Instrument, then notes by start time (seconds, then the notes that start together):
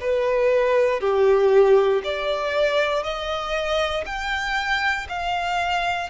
violin
0.00 B4
1.00 G4
2.03 D5
3.03 D#5
4.05 G5
5.08 F5